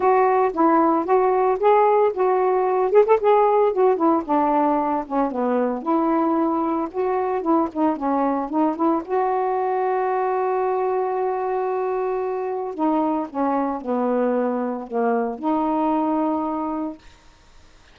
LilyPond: \new Staff \with { instrumentName = "saxophone" } { \time 4/4 \tempo 4 = 113 fis'4 e'4 fis'4 gis'4 | fis'4. gis'16 a'16 gis'4 fis'8 e'8 | d'4. cis'8 b4 e'4~ | e'4 fis'4 e'8 dis'8 cis'4 |
dis'8 e'8 fis'2.~ | fis'1 | dis'4 cis'4 b2 | ais4 dis'2. | }